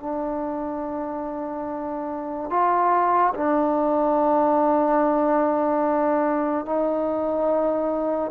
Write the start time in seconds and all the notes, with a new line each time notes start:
0.00 D4
2.50 F4
3.34 D4
6.66 D#4